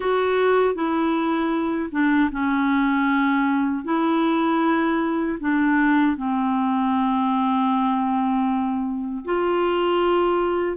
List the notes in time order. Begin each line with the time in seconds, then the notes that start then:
0.00 F#4
0.74 E4
1.91 D4
2.31 C#4
3.84 E4
5.40 D4
6.16 C4
9.24 F4